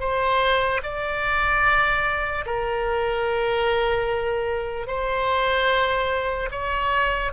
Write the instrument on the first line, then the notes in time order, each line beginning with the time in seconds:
oboe
0.00 C5
0.83 D5
2.46 A#4
4.87 C5
6.51 C#5